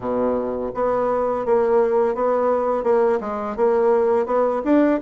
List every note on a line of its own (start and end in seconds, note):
0.00 0.71 B2
0.74 1.45 B3
1.45 2.14 A#3
2.14 2.83 B3
2.83 3.19 A#3
3.20 3.56 G#3
3.56 4.26 A#3
4.26 4.61 B3
4.64 5.00 D4